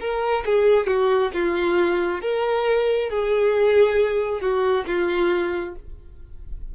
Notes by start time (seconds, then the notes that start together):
0.00 A#4
0.45 G#4
0.87 F#4
1.34 F4
2.21 A#4
3.09 G#4
4.41 F#4
4.87 F4